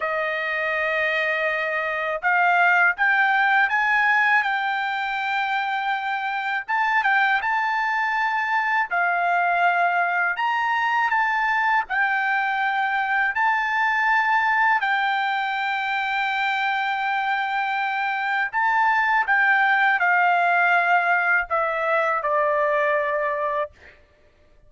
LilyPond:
\new Staff \with { instrumentName = "trumpet" } { \time 4/4 \tempo 4 = 81 dis''2. f''4 | g''4 gis''4 g''2~ | g''4 a''8 g''8 a''2 | f''2 ais''4 a''4 |
g''2 a''2 | g''1~ | g''4 a''4 g''4 f''4~ | f''4 e''4 d''2 | }